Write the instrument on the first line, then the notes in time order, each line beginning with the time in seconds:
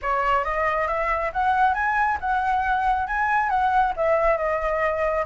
flute
0.02 C#5
0.44 D#5
0.87 E5
1.33 F#5
1.74 G#5
2.20 F#5
3.07 G#5
3.49 F#5
3.96 E5
4.37 D#5